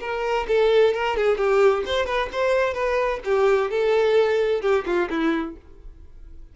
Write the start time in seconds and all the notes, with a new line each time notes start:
0.00 A#4
0.48 A4
0.94 A#4
1.16 G#4
1.37 G4
1.85 C5
2.06 B4
2.32 C5
2.74 B4
3.24 G4
3.70 A4
4.61 G4
4.86 F4
5.10 E4